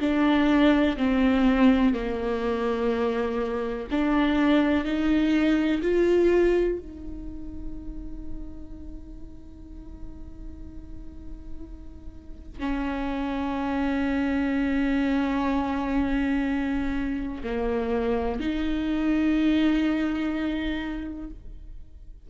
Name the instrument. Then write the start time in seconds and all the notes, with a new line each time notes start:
viola
0.00 D4
0.97 C4
1.94 A#3
3.91 D4
4.85 D#4
5.82 F4
6.79 D#4
12.59 C#4
17.43 A#3
18.40 D#4